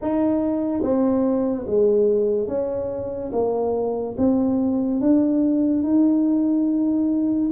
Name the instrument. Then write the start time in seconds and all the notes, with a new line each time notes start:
tuba
0.01 D#4
0.81 C4
1.66 G#3
2.47 C#4
3.32 A#3
4.17 C4
5.00 D4
5.83 D#4